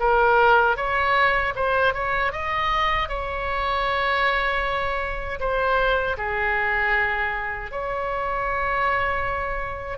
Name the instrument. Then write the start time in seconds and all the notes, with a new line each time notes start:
oboe
0.00 A#4
0.77 C#5
1.56 C5
1.94 C#5
2.32 D#5
3.08 C#5
5.40 C5
6.17 G#4
7.71 C#5